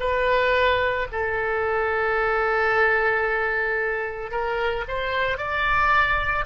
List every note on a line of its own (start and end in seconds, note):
0.00 1.07 B4
1.12 4.31 A4
4.31 4.85 A#4
4.88 5.38 C5
5.38 6.45 D5